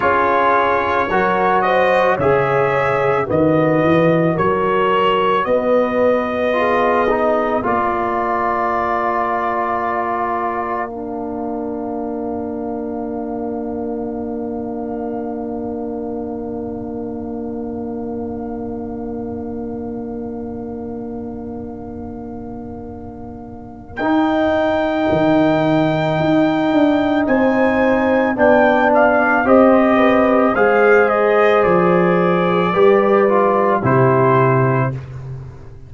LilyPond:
<<
  \new Staff \with { instrumentName = "trumpet" } { \time 4/4 \tempo 4 = 55 cis''4. dis''8 e''4 dis''4 | cis''4 dis''2 d''4~ | d''2 f''2~ | f''1~ |
f''1~ | f''2 g''2~ | g''4 gis''4 g''8 f''8 dis''4 | f''8 dis''8 d''2 c''4 | }
  \new Staff \with { instrumentName = "horn" } { \time 4/4 gis'4 ais'8 c''8 cis''4 b'4 | ais'4 b'4 gis'4 ais'4~ | ais'1~ | ais'1~ |
ais'1~ | ais'1~ | ais'4 c''4 d''4 c''8 b'8 | c''2 b'4 g'4 | }
  \new Staff \with { instrumentName = "trombone" } { \time 4/4 f'4 fis'4 gis'4 fis'4~ | fis'2 f'8 dis'8 f'4~ | f'2 d'2~ | d'1~ |
d'1~ | d'2 dis'2~ | dis'2 d'4 g'4 | gis'2 g'8 f'8 e'4 | }
  \new Staff \with { instrumentName = "tuba" } { \time 4/4 cis'4 fis4 cis4 dis8 e8 | fis4 b2 ais4~ | ais1~ | ais1~ |
ais1~ | ais2 dis'4 dis4 | dis'8 d'8 c'4 b4 c'4 | gis4 f4 g4 c4 | }
>>